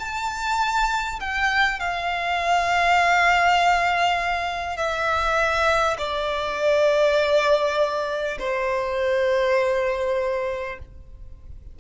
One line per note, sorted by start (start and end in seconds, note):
0.00 1.20 A5
1.21 1.80 G5
1.80 4.77 F5
4.77 5.97 E5
5.98 8.38 D5
8.39 10.79 C5